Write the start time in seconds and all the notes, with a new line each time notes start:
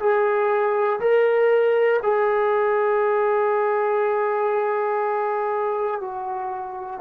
0.00 G#4
1.00 A#4
2.03 G#4
6.00 F#4